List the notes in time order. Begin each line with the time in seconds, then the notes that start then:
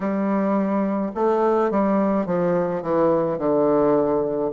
0.00 G3
1.14 A3
1.70 G3
2.26 F3
2.82 E3
3.38 D3